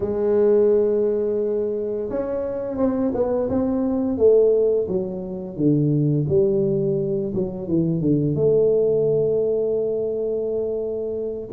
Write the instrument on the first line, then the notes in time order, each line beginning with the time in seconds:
tuba
0.00 G#3
2.09 C#4
2.77 C4
3.14 B3
3.49 C4
4.17 A3
4.88 F#3
5.56 D3
6.28 G3
7.34 F#3
7.67 E3
8.00 D3
8.35 A3